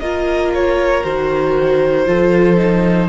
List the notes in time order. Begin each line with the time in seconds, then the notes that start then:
0.00 A#3 F4 A#4 D#5
0.55 C#5
1.04 D#3 F#4 C5
2.06 F3 F4 A4
2.57 D#4